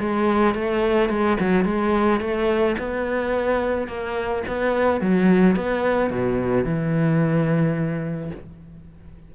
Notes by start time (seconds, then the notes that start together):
0.00 G#3
0.55 A3
1.10 G#3
1.40 F#3
1.65 G#3
2.21 A3
2.79 B3
3.88 A#3
4.48 B3
5.01 F#3
5.56 B3
6.11 B2
6.65 E3